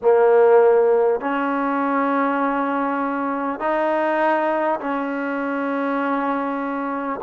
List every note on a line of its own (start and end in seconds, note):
0.02 1.20 A#3
1.20 3.59 C#4
3.59 4.79 D#4
4.79 7.19 C#4